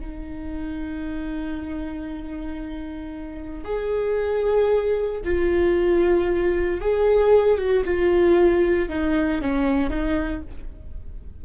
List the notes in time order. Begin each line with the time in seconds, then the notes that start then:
0.00 D#4
3.65 G#4
5.24 F4
6.81 G#4
7.58 F#4
7.85 F4
8.89 D#4
9.41 C#4
9.90 D#4